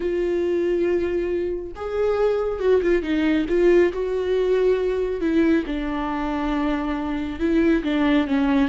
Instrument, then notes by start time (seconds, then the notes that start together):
viola
0.00 F4
1.75 G#4
2.59 F#4
2.82 F4
3.02 D#4
3.48 F4
3.92 F#4
5.20 E4
5.66 D4
7.39 E4
7.83 D4
8.27 C#4